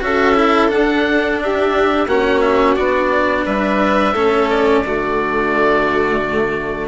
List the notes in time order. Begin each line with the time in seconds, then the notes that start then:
0.00 C#4 F#4 A4 E5
0.35 E4
0.68 D4 F#5
1.43 G4 E5
2.07 A#3 C#4 F#4 F#5
2.40 E5
2.76 B3 D4 D5
3.45 G3 B4 E5
4.13 A3 C#4 A4
4.49 D5
4.85 D3 A3 F#4